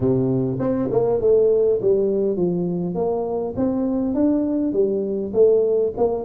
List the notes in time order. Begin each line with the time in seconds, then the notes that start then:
0.00 C3
0.59 C4
0.91 A#3
1.20 A3
1.81 G3
2.36 F3
2.95 A#3
3.56 C4
4.14 D4
4.72 G3
5.33 A3
5.97 A#3